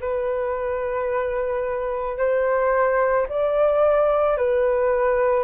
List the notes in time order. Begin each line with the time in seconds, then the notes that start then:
0.00 B4
2.17 C5
3.28 D5
4.37 B4